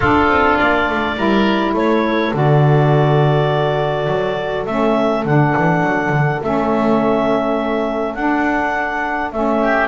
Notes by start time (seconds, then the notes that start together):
0.00 D4 F4 A4
0.27 C4
0.56 A#3 D5
0.89 A3
1.16 G3 E4 A#4
1.73 A3 A4 C#5
2.32 D3 F#4 D5
4.07 F#3
4.66 A3 C#4 E5
5.24 D3 D4 F#5
5.57 E3
5.83 F#3
6.09 D3
6.42 A3 C#4 E5
8.14 D4 F#5
9.31 A3 C#4 E5
9.62 G4